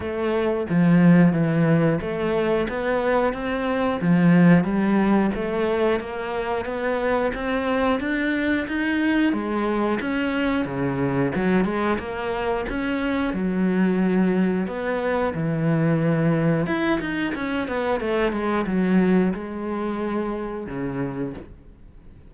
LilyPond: \new Staff \with { instrumentName = "cello" } { \time 4/4 \tempo 4 = 90 a4 f4 e4 a4 | b4 c'4 f4 g4 | a4 ais4 b4 c'4 | d'4 dis'4 gis4 cis'4 |
cis4 fis8 gis8 ais4 cis'4 | fis2 b4 e4~ | e4 e'8 dis'8 cis'8 b8 a8 gis8 | fis4 gis2 cis4 | }